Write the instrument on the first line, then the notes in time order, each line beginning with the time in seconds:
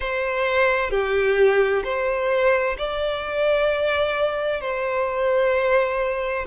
violin
0.00 C5
0.90 G4
1.84 C5
2.77 D5
4.61 C5